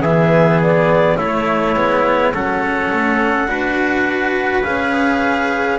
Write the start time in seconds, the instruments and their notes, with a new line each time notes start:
0.00 double bass E3, cello B3, trumpet G#4, clarinet E5
0.62 clarinet D5
1.17 double bass A3, cello A3, trumpet E4, clarinet C#5
1.75 double bass G#3, cello B3
2.33 double bass F#3, cello C#4, trumpet A4, clarinet F#5
2.92 double bass A3
3.48 double bass D4, cello F#4, trumpet B4
4.63 double bass C#4, cello G#4, clarinet F5